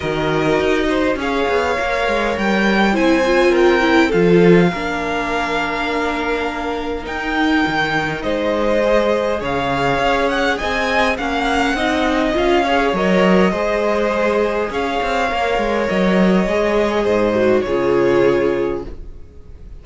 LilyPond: <<
  \new Staff \with { instrumentName = "violin" } { \time 4/4 \tempo 4 = 102 dis''2 f''2 | g''4 gis''4 g''4 f''4~ | f''1 | g''2 dis''2 |
f''4. fis''8 gis''4 fis''4~ | fis''4 f''4 dis''2~ | dis''4 f''2 dis''4~ | dis''2 cis''2 | }
  \new Staff \with { instrumentName = "violin" } { \time 4/4 ais'4. c''8 cis''2~ | cis''4 c''4 ais'4 a'4 | ais'1~ | ais'2 c''2 |
cis''2 dis''4 f''4 | dis''4. cis''4. c''4~ | c''4 cis''2.~ | cis''4 c''4 gis'2 | }
  \new Staff \with { instrumentName = "viola" } { \time 4/4 fis'2 gis'4 ais'4~ | ais'4 e'8 f'4 e'8 f'4 | d'1 | dis'2. gis'4~ |
gis'2. cis'4 | dis'4 f'8 gis'8 ais'4 gis'4~ | gis'2 ais'2 | gis'4. fis'8 f'2 | }
  \new Staff \with { instrumentName = "cello" } { \time 4/4 dis4 dis'4 cis'8 b8 ais8 gis8 | g4 c'2 f4 | ais1 | dis'4 dis4 gis2 |
cis4 cis'4 c'4 ais4 | c'4 cis'4 fis4 gis4~ | gis4 cis'8 c'8 ais8 gis8 fis4 | gis4 gis,4 cis2 | }
>>